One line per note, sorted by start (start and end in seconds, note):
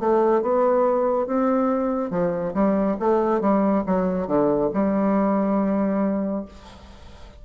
0.00 0.42 A3
0.42 1.27 B3
1.27 2.11 C4
2.11 2.54 F3
2.54 2.97 G3
3.00 3.41 A3
3.41 3.84 G3
3.87 4.27 F#3
4.27 4.70 D3
4.74 6.46 G3